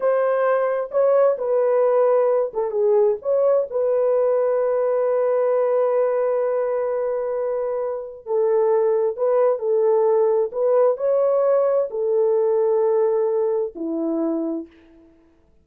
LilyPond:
\new Staff \with { instrumentName = "horn" } { \time 4/4 \tempo 4 = 131 c''2 cis''4 b'4~ | b'4. a'8 gis'4 cis''4 | b'1~ | b'1~ |
b'2 a'2 | b'4 a'2 b'4 | cis''2 a'2~ | a'2 e'2 | }